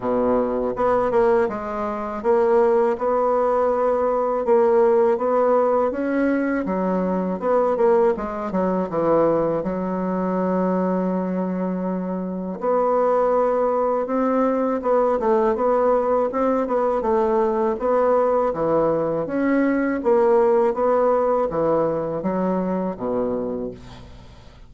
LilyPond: \new Staff \with { instrumentName = "bassoon" } { \time 4/4 \tempo 4 = 81 b,4 b8 ais8 gis4 ais4 | b2 ais4 b4 | cis'4 fis4 b8 ais8 gis8 fis8 | e4 fis2.~ |
fis4 b2 c'4 | b8 a8 b4 c'8 b8 a4 | b4 e4 cis'4 ais4 | b4 e4 fis4 b,4 | }